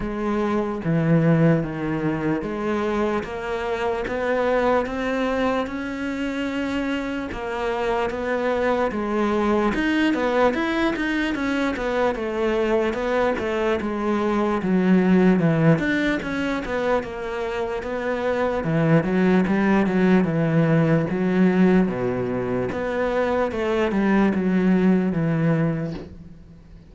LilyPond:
\new Staff \with { instrumentName = "cello" } { \time 4/4 \tempo 4 = 74 gis4 e4 dis4 gis4 | ais4 b4 c'4 cis'4~ | cis'4 ais4 b4 gis4 | dis'8 b8 e'8 dis'8 cis'8 b8 a4 |
b8 a8 gis4 fis4 e8 d'8 | cis'8 b8 ais4 b4 e8 fis8 | g8 fis8 e4 fis4 b,4 | b4 a8 g8 fis4 e4 | }